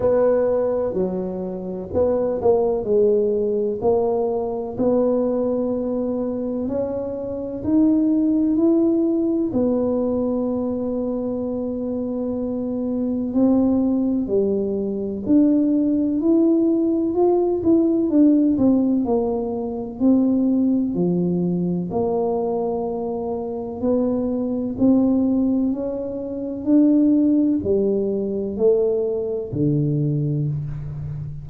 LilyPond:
\new Staff \with { instrumentName = "tuba" } { \time 4/4 \tempo 4 = 63 b4 fis4 b8 ais8 gis4 | ais4 b2 cis'4 | dis'4 e'4 b2~ | b2 c'4 g4 |
d'4 e'4 f'8 e'8 d'8 c'8 | ais4 c'4 f4 ais4~ | ais4 b4 c'4 cis'4 | d'4 g4 a4 d4 | }